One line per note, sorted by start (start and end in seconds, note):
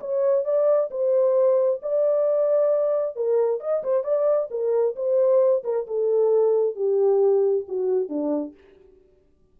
0.00 0.44 C#5
0.44 0.90 D5
0.90 1.80 C5
1.82 3.15 D5
3.15 3.60 A#4
3.60 3.83 D#5
3.83 4.04 C5
4.04 4.49 D5
4.50 4.95 A#4
4.96 5.63 C5
5.63 5.86 A#4
5.87 6.75 A4
6.75 7.65 G4
7.68 8.09 F#4
8.09 8.54 D4